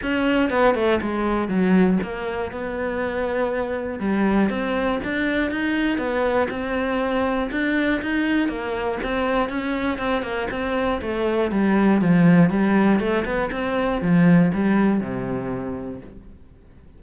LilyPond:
\new Staff \with { instrumentName = "cello" } { \time 4/4 \tempo 4 = 120 cis'4 b8 a8 gis4 fis4 | ais4 b2. | g4 c'4 d'4 dis'4 | b4 c'2 d'4 |
dis'4 ais4 c'4 cis'4 | c'8 ais8 c'4 a4 g4 | f4 g4 a8 b8 c'4 | f4 g4 c2 | }